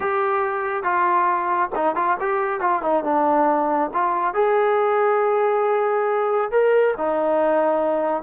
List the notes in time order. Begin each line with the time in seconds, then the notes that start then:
0.00 G4
0.83 F4
1.75 D#4
1.95 F4
2.20 G4
2.60 F4
2.82 D#4
3.04 D4
3.93 F4
4.34 G#4
6.51 A#4
6.97 D#4